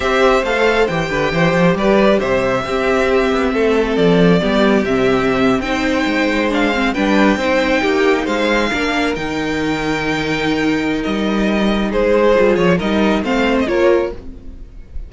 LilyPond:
<<
  \new Staff \with { instrumentName = "violin" } { \time 4/4 \tempo 4 = 136 e''4 f''4 g''2 | d''4 e''2.~ | e''4 d''2 e''4~ | e''8. g''2 f''4 g''16~ |
g''2~ g''8. f''4~ f''16~ | f''8. g''2.~ g''16~ | g''4 dis''2 c''4~ | c''8 cis''8 dis''4 f''8. dis''16 cis''4 | }
  \new Staff \with { instrumentName = "violin" } { \time 4/4 c''2~ c''8 b'8 c''4 | b'4 c''4 g'2 | a'2 g'2~ | g'8. c''2. b'16~ |
b'8. c''4 g'4 c''4 ais'16~ | ais'1~ | ais'2. gis'4~ | gis'4 ais'4 c''4 ais'4 | }
  \new Staff \with { instrumentName = "viola" } { \time 4/4 g'4 a'4 g'2~ | g'2 c'2~ | c'2 b4 c'4~ | c'8. dis'2 d'8 c'8 d'16~ |
d'8. dis'2. d'16~ | d'8. dis'2.~ dis'16~ | dis'1 | f'4 dis'4 c'4 f'4 | }
  \new Staff \with { instrumentName = "cello" } { \time 4/4 c'4 a4 e8 d8 e8 f8 | g4 c4 c'4. b8 | a4 f4 g4 c4~ | c8. c'4 gis2 g16~ |
g8. c'4 ais4 gis4 ais16~ | ais8. dis2.~ dis16~ | dis4 g2 gis4 | g8 f8 g4 a4 ais4 | }
>>